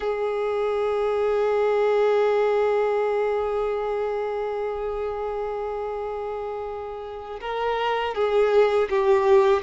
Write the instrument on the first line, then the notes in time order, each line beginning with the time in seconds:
violin
0.00 G#4
7.40 A#4
8.14 G#4
8.89 G4